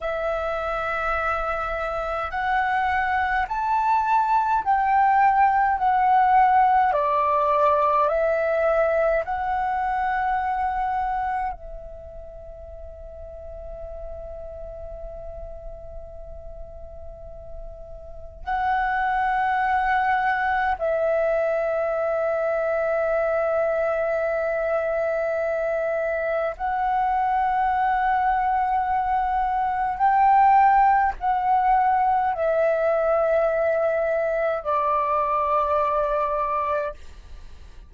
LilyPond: \new Staff \with { instrumentName = "flute" } { \time 4/4 \tempo 4 = 52 e''2 fis''4 a''4 | g''4 fis''4 d''4 e''4 | fis''2 e''2~ | e''1 |
fis''2 e''2~ | e''2. fis''4~ | fis''2 g''4 fis''4 | e''2 d''2 | }